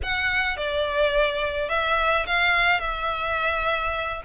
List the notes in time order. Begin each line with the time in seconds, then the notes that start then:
0.02 F#5
0.56 D5
1.69 E5
2.26 F5
2.80 E5